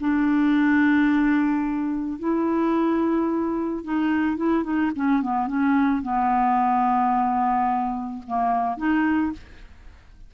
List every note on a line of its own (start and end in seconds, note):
0.00 2.19 D4
2.19 3.84 E4
3.84 4.37 D#4
4.37 4.64 E4
4.64 4.91 D#4
4.96 5.22 C#4
5.22 5.47 B3
5.47 6.02 C#4
6.03 8.23 B3
8.27 8.77 A#3
8.77 9.32 D#4